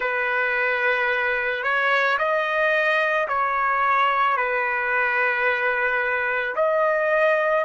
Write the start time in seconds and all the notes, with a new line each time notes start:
0.00 B4
1.63 C#5
2.18 D#5
3.27 C#5
4.36 B4
6.55 D#5